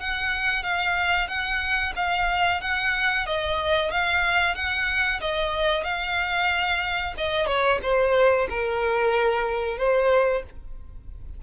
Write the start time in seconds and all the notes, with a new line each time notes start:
0.00 F#5
0.63 F5
1.28 F#5
1.96 F5
2.61 F#5
3.26 D#5
3.91 F5
4.55 F#5
5.21 D#5
5.84 F5
7.17 D#5
7.46 C#5
7.83 C5
8.49 A#4
9.78 C5